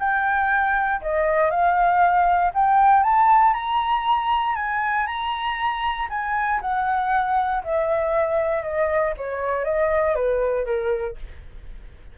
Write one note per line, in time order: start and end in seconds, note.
0.00 1.02 G5
1.02 1.51 D#5
1.51 2.53 F5
2.55 3.03 G5
3.03 3.54 A5
3.54 4.56 A#5
4.56 5.07 G#5
5.07 6.09 A#5
6.10 6.61 G#5
6.62 7.63 F#5
7.64 8.63 E5
8.63 9.14 D#5
9.18 9.65 C#5
9.65 10.16 D#5
10.16 10.66 B4
10.66 11.17 A#4